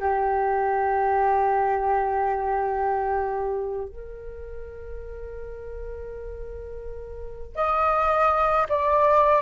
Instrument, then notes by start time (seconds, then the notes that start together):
flute
0.00 G4
3.89 A#4
7.56 D#5
8.70 D5